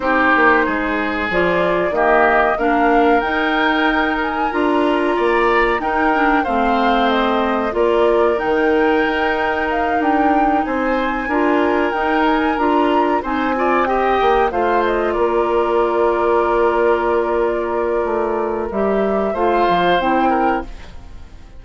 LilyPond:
<<
  \new Staff \with { instrumentName = "flute" } { \time 4/4 \tempo 4 = 93 c''2 d''4 dis''4 | f''4 g''4. gis''8 ais''4~ | ais''4 g''4 f''4 dis''4 | d''4 g''2 f''8 g''8~ |
g''8 gis''2 g''8 gis''8 ais''8~ | ais''8 gis''4 g''4 f''8 dis''8 d''8~ | d''1~ | d''4 e''4 f''4 g''4 | }
  \new Staff \with { instrumentName = "oboe" } { \time 4/4 g'4 gis'2 g'4 | ais'1 | d''4 ais'4 c''2 | ais'1~ |
ais'8 c''4 ais'2~ ais'8~ | ais'8 c''8 d''8 dis''4 c''4 ais'8~ | ais'1~ | ais'2 c''4. ais'8 | }
  \new Staff \with { instrumentName = "clarinet" } { \time 4/4 dis'2 f'4 ais4 | d'4 dis'2 f'4~ | f'4 dis'8 d'8 c'2 | f'4 dis'2.~ |
dis'4. f'4 dis'4 f'8~ | f'8 dis'8 f'8 g'4 f'4.~ | f'1~ | f'4 g'4 f'4 e'4 | }
  \new Staff \with { instrumentName = "bassoon" } { \time 4/4 c'8 ais8 gis4 f4 dis4 | ais4 dis'2 d'4 | ais4 dis'4 a2 | ais4 dis4 dis'4. d'8~ |
d'8 c'4 d'4 dis'4 d'8~ | d'8 c'4. ais8 a4 ais8~ | ais1 | a4 g4 a8 f8 c'4 | }
>>